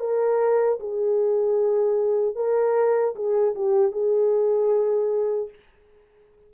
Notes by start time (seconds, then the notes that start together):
0.00 A#4
0.80 G#4
2.36 A#4
3.15 G#4
3.55 G4
3.92 G#4